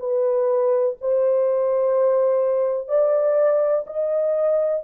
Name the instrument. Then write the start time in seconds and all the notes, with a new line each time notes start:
horn
0.00 B4
1.02 C5
2.89 D5
3.87 D#5